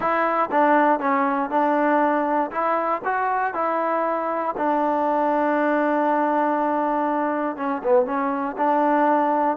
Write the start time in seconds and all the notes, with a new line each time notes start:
0.00 E4
0.51 D4
0.99 C#4
1.50 D4
2.51 E4
3.04 F#4
3.54 E4
4.57 D4
7.56 C#4
7.83 B3
8.05 C#4
8.57 D4